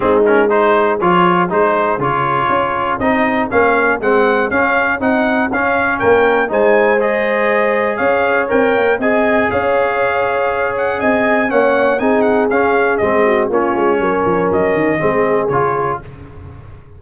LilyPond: <<
  \new Staff \with { instrumentName = "trumpet" } { \time 4/4 \tempo 4 = 120 gis'8 ais'8 c''4 cis''4 c''4 | cis''2 dis''4 f''4 | fis''4 f''4 fis''4 f''4 | g''4 gis''4 dis''2 |
f''4 g''4 gis''4 f''4~ | f''4. fis''8 gis''4 fis''4 | gis''8 fis''8 f''4 dis''4 cis''4~ | cis''4 dis''2 cis''4 | }
  \new Staff \with { instrumentName = "horn" } { \time 4/4 dis'4 gis'2.~ | gis'1~ | gis'1 | ais'4 c''2. |
cis''2 dis''4 cis''4~ | cis''2 dis''4 cis''4 | gis'2~ gis'8 fis'8 f'4 | ais'2 gis'2 | }
  \new Staff \with { instrumentName = "trombone" } { \time 4/4 c'8 cis'8 dis'4 f'4 dis'4 | f'2 dis'4 cis'4 | c'4 cis'4 dis'4 cis'4~ | cis'4 dis'4 gis'2~ |
gis'4 ais'4 gis'2~ | gis'2. cis'4 | dis'4 cis'4 c'4 cis'4~ | cis'2 c'4 f'4 | }
  \new Staff \with { instrumentName = "tuba" } { \time 4/4 gis2 f4 gis4 | cis4 cis'4 c'4 ais4 | gis4 cis'4 c'4 cis'4 | ais4 gis2. |
cis'4 c'8 ais8 c'4 cis'4~ | cis'2 c'4 ais4 | c'4 cis'4 gis4 ais8 gis8 | fis8 f8 fis8 dis8 gis4 cis4 | }
>>